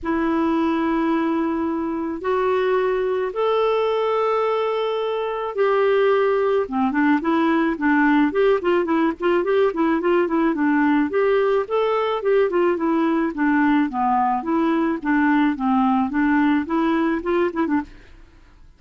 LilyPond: \new Staff \with { instrumentName = "clarinet" } { \time 4/4 \tempo 4 = 108 e'1 | fis'2 a'2~ | a'2 g'2 | c'8 d'8 e'4 d'4 g'8 f'8 |
e'8 f'8 g'8 e'8 f'8 e'8 d'4 | g'4 a'4 g'8 f'8 e'4 | d'4 b4 e'4 d'4 | c'4 d'4 e'4 f'8 e'16 d'16 | }